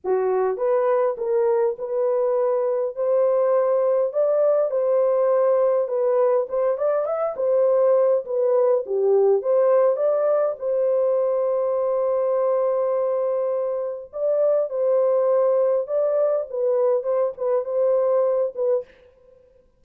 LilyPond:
\new Staff \with { instrumentName = "horn" } { \time 4/4 \tempo 4 = 102 fis'4 b'4 ais'4 b'4~ | b'4 c''2 d''4 | c''2 b'4 c''8 d''8 | e''8 c''4. b'4 g'4 |
c''4 d''4 c''2~ | c''1 | d''4 c''2 d''4 | b'4 c''8 b'8 c''4. b'8 | }